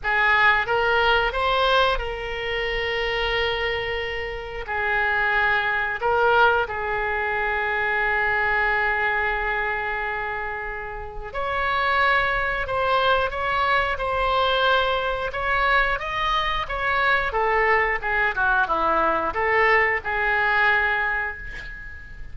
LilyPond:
\new Staff \with { instrumentName = "oboe" } { \time 4/4 \tempo 4 = 90 gis'4 ais'4 c''4 ais'4~ | ais'2. gis'4~ | gis'4 ais'4 gis'2~ | gis'1~ |
gis'4 cis''2 c''4 | cis''4 c''2 cis''4 | dis''4 cis''4 a'4 gis'8 fis'8 | e'4 a'4 gis'2 | }